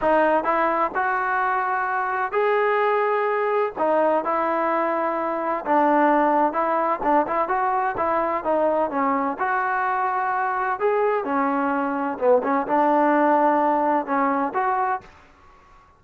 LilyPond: \new Staff \with { instrumentName = "trombone" } { \time 4/4 \tempo 4 = 128 dis'4 e'4 fis'2~ | fis'4 gis'2. | dis'4 e'2. | d'2 e'4 d'8 e'8 |
fis'4 e'4 dis'4 cis'4 | fis'2. gis'4 | cis'2 b8 cis'8 d'4~ | d'2 cis'4 fis'4 | }